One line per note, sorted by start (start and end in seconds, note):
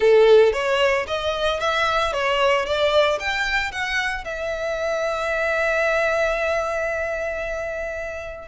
0.00 0.52 A4
0.52 1.05 C#5
1.07 1.60 D#5
1.60 2.12 E5
2.12 2.65 C#5
2.65 3.19 D5
3.19 3.71 G5
3.71 4.24 F#5
4.24 8.48 E5